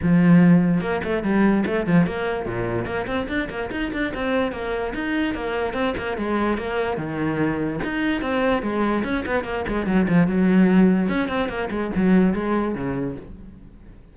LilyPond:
\new Staff \with { instrumentName = "cello" } { \time 4/4 \tempo 4 = 146 f2 ais8 a8 g4 | a8 f8 ais4 ais,4 ais8 c'8 | d'8 ais8 dis'8 d'8 c'4 ais4 | dis'4 ais4 c'8 ais8 gis4 |
ais4 dis2 dis'4 | c'4 gis4 cis'8 b8 ais8 gis8 | fis8 f8 fis2 cis'8 c'8 | ais8 gis8 fis4 gis4 cis4 | }